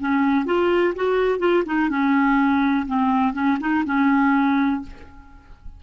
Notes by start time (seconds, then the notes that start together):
0.00 C#4
0.45 F4
0.96 F#4
1.39 F4
1.66 D#4
1.90 C#4
2.87 C4
3.34 C#4
3.60 D#4
3.85 C#4